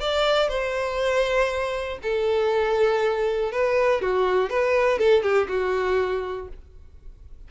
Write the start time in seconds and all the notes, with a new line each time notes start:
0.00 D5
0.48 C5
2.03 A4
3.52 B4
4.01 F#4
4.50 B4
4.99 A4
5.22 G4
5.48 F#4